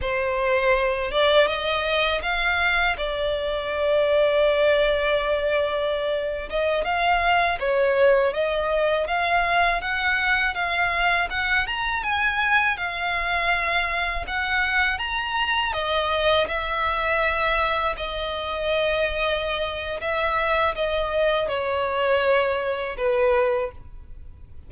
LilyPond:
\new Staff \with { instrumentName = "violin" } { \time 4/4 \tempo 4 = 81 c''4. d''8 dis''4 f''4 | d''1~ | d''8. dis''8 f''4 cis''4 dis''8.~ | dis''16 f''4 fis''4 f''4 fis''8 ais''16~ |
ais''16 gis''4 f''2 fis''8.~ | fis''16 ais''4 dis''4 e''4.~ e''16~ | e''16 dis''2~ dis''8. e''4 | dis''4 cis''2 b'4 | }